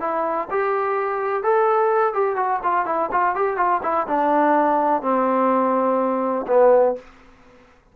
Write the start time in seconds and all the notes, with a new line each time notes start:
0.00 E4
0.50 G4
1.43 A4
2.14 G4
2.36 F#4
2.63 F4
2.86 E4
3.12 F4
3.35 G4
3.57 F4
3.83 E4
4.07 D4
5.02 C4
6.48 B3